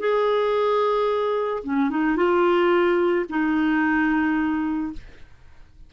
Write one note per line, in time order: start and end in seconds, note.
0.00 1.64 G#4
1.64 1.90 C#4
1.90 2.17 D#4
2.17 3.26 F4
3.30 4.93 D#4